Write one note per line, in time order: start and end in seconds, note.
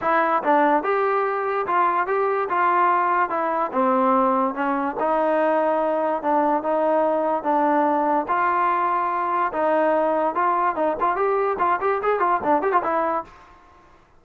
0.01 0.42 E4
0.43 0.83 D4
0.83 1.66 G4
1.66 2.07 F4
2.07 2.48 G4
2.49 3.29 F4
3.29 3.71 E4
3.72 4.54 C4
4.54 4.96 C#4
4.99 6.22 D#4
6.22 6.62 D4
6.62 7.43 D#4
7.43 8.26 D4
8.28 9.52 F4
9.52 10.34 D#4
10.34 10.75 F4
10.75 10.96 D#4
11.00 11.16 F4
11.16 11.57 G4
11.58 11.79 F4
11.80 12.01 G4
12.02 12.19 G#4
12.19 12.40 F4
12.43 12.62 D4
12.62 12.72 G4
12.72 12.82 F4
12.83 13.24 E4